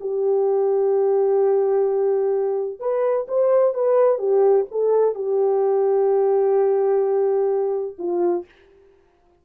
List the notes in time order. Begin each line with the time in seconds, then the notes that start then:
0.00 G4
2.79 B4
3.27 C5
3.74 B4
4.18 G4
4.71 A4
5.14 G4
7.98 F4